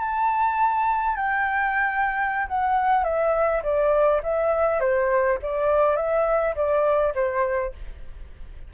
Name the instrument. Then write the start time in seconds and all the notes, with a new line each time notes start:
flute
0.00 A5
1.16 G5
2.48 F#5
3.04 E5
3.63 D5
4.23 E5
4.80 C5
5.42 D5
5.97 E5
6.56 D5
7.15 C5